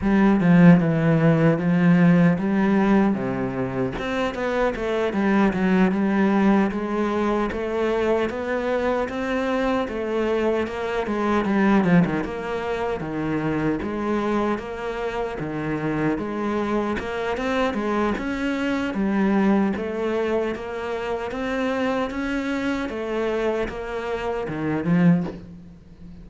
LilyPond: \new Staff \with { instrumentName = "cello" } { \time 4/4 \tempo 4 = 76 g8 f8 e4 f4 g4 | c4 c'8 b8 a8 g8 fis8 g8~ | g8 gis4 a4 b4 c'8~ | c'8 a4 ais8 gis8 g8 f16 dis16 ais8~ |
ais8 dis4 gis4 ais4 dis8~ | dis8 gis4 ais8 c'8 gis8 cis'4 | g4 a4 ais4 c'4 | cis'4 a4 ais4 dis8 f8 | }